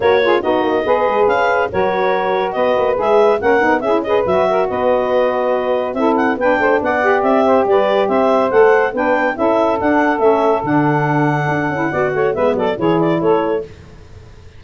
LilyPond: <<
  \new Staff \with { instrumentName = "clarinet" } { \time 4/4 \tempo 4 = 141 cis''4 dis''2 f''4 | cis''2 dis''4 e''4 | fis''4 e''8 dis''8 e''4 dis''4~ | dis''2 e''8 fis''8 g''4 |
fis''4 e''4 d''4 e''4 | fis''4 g''4 e''4 fis''4 | e''4 fis''2.~ | fis''4 e''8 d''8 cis''8 d''8 cis''4 | }
  \new Staff \with { instrumentName = "saxophone" } { \time 4/4 ais'8 gis'8 fis'4 b'2 | ais'2 b'2 | ais'4 gis'8 b'4 ais'8 b'4~ | b'2 a'4 b'8 c''8 |
d''4. c''8 b'4 c''4~ | c''4 b'4 a'2~ | a'1 | d''8 cis''8 b'8 a'8 gis'4 a'4 | }
  \new Staff \with { instrumentName = "saxophone" } { \time 4/4 fis'8 f'8 dis'4 gis'2 | fis'2. gis'4 | cis'8 dis'8 e'8 gis'8 fis'2~ | fis'2 e'4 d'4~ |
d'8 g'2.~ g'8 | a'4 d'4 e'4 d'4 | cis'4 d'2~ d'8 e'8 | fis'4 b4 e'2 | }
  \new Staff \with { instrumentName = "tuba" } { \time 4/4 ais4 b8 ais8 b8 gis8 cis'4 | fis2 b8 ais8 gis4 | ais8 b8 cis'4 fis4 b4~ | b2 c'4 b8 a8 |
b4 c'4 g4 c'4 | a4 b4 cis'4 d'4 | a4 d2 d'8 cis'8 | b8 a8 gis8 fis8 e4 a4 | }
>>